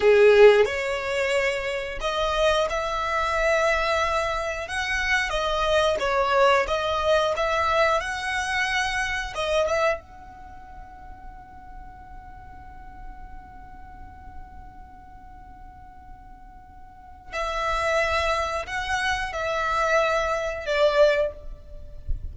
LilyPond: \new Staff \with { instrumentName = "violin" } { \time 4/4 \tempo 4 = 90 gis'4 cis''2 dis''4 | e''2. fis''4 | dis''4 cis''4 dis''4 e''4 | fis''2 dis''8 e''8 fis''4~ |
fis''1~ | fis''1~ | fis''2 e''2 | fis''4 e''2 d''4 | }